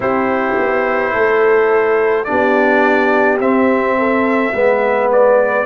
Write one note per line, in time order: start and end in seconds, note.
0.00 0.54 C4
0.00 2.25 E4
0.00 1.13 G4
0.00 2.24 C5
0.58 1.14 B3
1.13 2.27 A3
1.13 2.26 A4
2.24 3.39 B3
2.24 3.38 D4
2.24 3.98 G4
2.24 3.37 D5
3.39 4.53 C4
3.39 5.10 E5
3.98 4.54 A4
4.53 5.66 G#3
4.53 5.66 B3
4.53 5.66 B4
5.12 5.66 D5